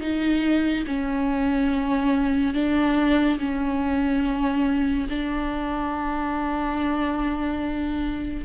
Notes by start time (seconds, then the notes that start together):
0.00 D#4
0.86 C#4
2.54 D4
3.38 C#4
5.09 D4